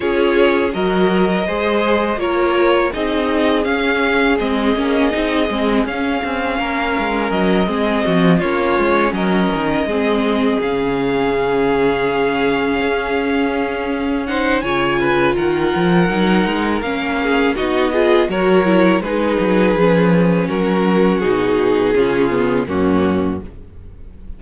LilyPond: <<
  \new Staff \with { instrumentName = "violin" } { \time 4/4 \tempo 4 = 82 cis''4 dis''2 cis''4 | dis''4 f''4 dis''2 | f''2 dis''4. cis''8~ | cis''8 dis''2 f''4.~ |
f''2.~ f''8 fis''8 | gis''4 fis''2 f''4 | dis''4 cis''4 b'2 | ais'4 gis'2 fis'4 | }
  \new Staff \with { instrumentName = "violin" } { \time 4/4 gis'4 ais'4 c''4 ais'4 | gis'1~ | gis'4 ais'4. gis'8 fis'8 f'8~ | f'8 ais'4 gis'2~ gis'8~ |
gis'2.~ gis'8 c''8 | cis''8 b'8 ais'2~ ais'8 gis'8 | fis'8 gis'8 ais'4 gis'2 | fis'2 f'4 cis'4 | }
  \new Staff \with { instrumentName = "viola" } { \time 4/4 f'4 fis'4 gis'4 f'4 | dis'4 cis'4 c'8 cis'8 dis'8 c'8 | cis'2~ cis'8 c'4 cis'8~ | cis'4. c'4 cis'4.~ |
cis'2.~ cis'8 dis'8 | f'2 dis'4 cis'4 | dis'8 f'8 fis'8 e'8 dis'4 cis'4~ | cis'4 dis'4 cis'8 b8 ais4 | }
  \new Staff \with { instrumentName = "cello" } { \time 4/4 cis'4 fis4 gis4 ais4 | c'4 cis'4 gis8 ais8 c'8 gis8 | cis'8 c'8 ais8 gis8 fis8 gis8 f8 ais8 | gis8 fis8 dis8 gis4 cis4.~ |
cis4. cis'2~ cis'8 | cis4 dis8 f8 fis8 gis8 ais4 | b4 fis4 gis8 fis8 f4 | fis4 b,4 cis4 fis,4 | }
>>